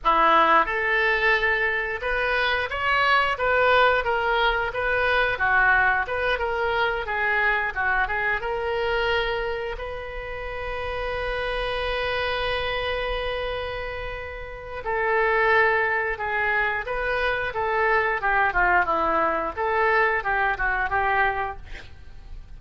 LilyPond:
\new Staff \with { instrumentName = "oboe" } { \time 4/4 \tempo 4 = 89 e'4 a'2 b'4 | cis''4 b'4 ais'4 b'4 | fis'4 b'8 ais'4 gis'4 fis'8 | gis'8 ais'2 b'4.~ |
b'1~ | b'2 a'2 | gis'4 b'4 a'4 g'8 f'8 | e'4 a'4 g'8 fis'8 g'4 | }